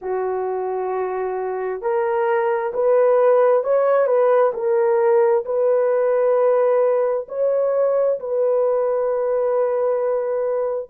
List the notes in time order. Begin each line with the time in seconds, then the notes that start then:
0.01 F#4
1.81 A#4
2.73 B4
3.63 C#5
4.06 B4
4.53 A#4
5.45 B4
7.28 C#5
8.19 B4